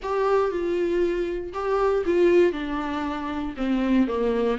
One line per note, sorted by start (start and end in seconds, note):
0.02 0.51 G4
0.51 1.53 F4
1.53 2.04 G4
2.05 2.52 F4
2.52 3.54 D4
3.56 4.07 C4
4.07 4.58 A#3